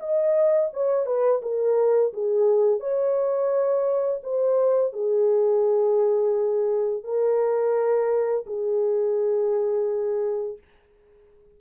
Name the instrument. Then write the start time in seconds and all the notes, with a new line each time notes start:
horn
0.00 D#5
0.73 C#5
1.06 B4
1.42 A#4
2.14 G#4
2.80 C#5
4.24 C5
4.93 G#4
7.04 A#4
8.46 G#4